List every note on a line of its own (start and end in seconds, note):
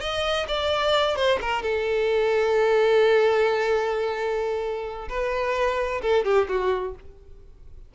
0.00 0.46 D#5
0.48 1.15 D5
1.15 1.38 C5
1.41 1.62 A#4
1.62 5.08 A4
5.09 6.01 B4
6.01 6.24 A4
6.24 6.47 G4
6.48 6.94 F#4